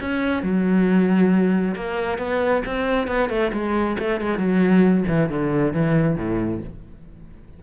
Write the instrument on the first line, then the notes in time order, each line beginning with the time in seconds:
cello
0.00 C#4
0.42 F#3
1.74 A#3
2.18 B3
2.65 C4
3.07 B3
3.29 A3
3.52 G#3
3.98 A3
4.20 G#3
4.38 F#3
5.07 E3
5.29 D3
5.73 E3
6.16 A2